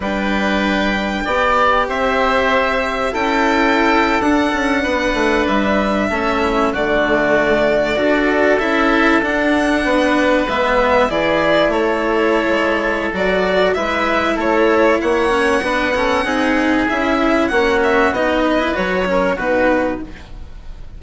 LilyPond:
<<
  \new Staff \with { instrumentName = "violin" } { \time 4/4 \tempo 4 = 96 g''2. e''4~ | e''4 g''4.~ g''16 fis''4~ fis''16~ | fis''8. e''2 d''4~ d''16~ | d''4.~ d''16 e''4 fis''4~ fis''16~ |
fis''8. e''4 d''4 cis''4~ cis''16~ | cis''4 d''4 e''4 cis''4 | fis''2. e''4 | fis''8 e''8 dis''4 cis''4 b'4 | }
  \new Staff \with { instrumentName = "oboe" } { \time 4/4 b'2 d''4 c''4~ | c''4 a'2~ a'8. b'16~ | b'4.~ b'16 a'8 e'8 fis'4~ fis'16~ | fis'8. a'2. b'16~ |
b'4.~ b'16 gis'4 a'4~ a'16~ | a'2 b'4 a'4 | cis''4 b'8 a'8 gis'2 | fis'4. b'4 ais'8 fis'4 | }
  \new Staff \with { instrumentName = "cello" } { \time 4/4 d'2 g'2~ | g'4 e'4.~ e'16 d'4~ d'16~ | d'4.~ d'16 cis'4 a4~ a16~ | a8. fis'4 e'4 d'4~ d'16~ |
d'8. b4 e'2~ e'16~ | e'4 fis'4 e'2~ | e'8 cis'8 d'8 cis'8 dis'4 e'4 | cis'4 dis'8. e'16 fis'8 cis'8 dis'4 | }
  \new Staff \with { instrumentName = "bassoon" } { \time 4/4 g2 b4 c'4~ | c'4 cis'4.~ cis'16 d'8 cis'8 b16~ | b16 a8 g4 a4 d4~ d16~ | d8. d'4 cis'4 d'4 b16~ |
b8. gis4 e4 a4~ a16 | gis4 fis4 gis4 a4 | ais4 b4 c'4 cis'4 | ais4 b4 fis4 b,4 | }
>>